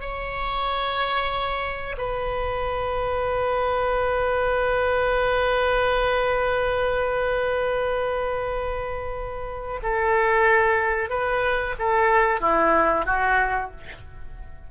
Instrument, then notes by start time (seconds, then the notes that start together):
oboe
0.00 C#5
1.97 B4
9.82 A4
11.09 B4
11.79 A4
12.40 E4
13.05 F#4